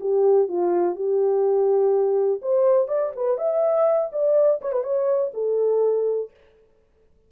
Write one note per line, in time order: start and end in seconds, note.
0.00 0.48 G4
0.48 0.95 F4
0.95 2.40 G4
2.42 2.87 C5
2.87 3.12 D5
3.16 3.37 B4
3.37 4.10 E5
4.12 4.60 D5
4.61 4.72 C#5
4.72 4.83 B4
4.83 5.31 C#5
5.34 6.30 A4